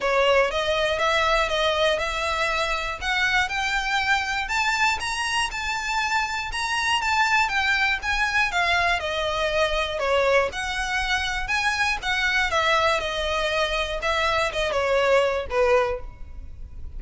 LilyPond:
\new Staff \with { instrumentName = "violin" } { \time 4/4 \tempo 4 = 120 cis''4 dis''4 e''4 dis''4 | e''2 fis''4 g''4~ | g''4 a''4 ais''4 a''4~ | a''4 ais''4 a''4 g''4 |
gis''4 f''4 dis''2 | cis''4 fis''2 gis''4 | fis''4 e''4 dis''2 | e''4 dis''8 cis''4. b'4 | }